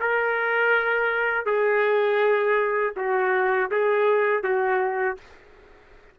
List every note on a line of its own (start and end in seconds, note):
0.00 1.45 A#4
1.45 2.94 G#4
2.96 3.70 F#4
3.71 4.43 G#4
4.43 5.17 F#4